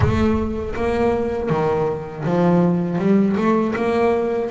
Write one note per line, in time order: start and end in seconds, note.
0.00 0.75 A3
0.75 1.49 A#3
1.49 2.24 D#3
2.24 2.98 F3
2.98 3.35 G3
3.36 3.74 A3
3.75 4.50 A#3